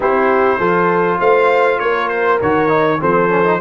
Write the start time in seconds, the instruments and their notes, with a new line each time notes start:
0.00 tuba C4, trombone E4, horn G4, trumpet C5
0.58 tuba F3, trombone F4, horn A4
1.20 tuba A3, horn C5, trumpet F5
1.79 tuba A#3, horn A#4, trumpet C#5
2.08 trumpet C5
2.41 tuba D#3, trombone F#4, trumpet C#5
2.68 trombone D#4
2.99 tuba F3, trombone C4, horn A4, trumpet C5
3.29 trombone C#4
3.44 trombone D#4